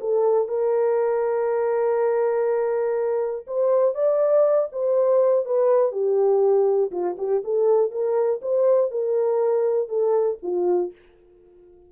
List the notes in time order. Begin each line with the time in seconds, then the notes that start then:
0.00 A4
0.48 A#4
3.47 C5
3.94 D5
4.72 C5
5.45 B4
5.92 G4
6.91 F4
7.18 G4
7.44 A4
7.91 A#4
8.42 C5
8.91 A#4
9.88 A4
10.43 F4